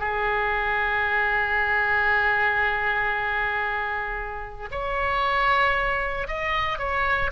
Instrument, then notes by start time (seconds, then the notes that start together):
oboe
0.00 G#4
4.71 C#5
6.28 D#5
6.79 C#5